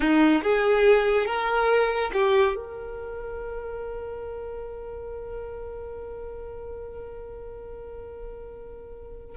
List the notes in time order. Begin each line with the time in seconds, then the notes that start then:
0.00 D#4
0.43 G#4
1.26 A#4
2.13 G4
2.55 A#4